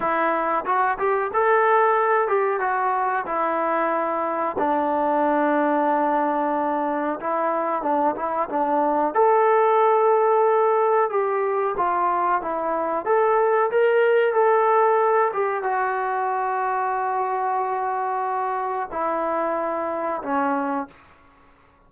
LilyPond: \new Staff \with { instrumentName = "trombone" } { \time 4/4 \tempo 4 = 92 e'4 fis'8 g'8 a'4. g'8 | fis'4 e'2 d'4~ | d'2. e'4 | d'8 e'8 d'4 a'2~ |
a'4 g'4 f'4 e'4 | a'4 ais'4 a'4. g'8 | fis'1~ | fis'4 e'2 cis'4 | }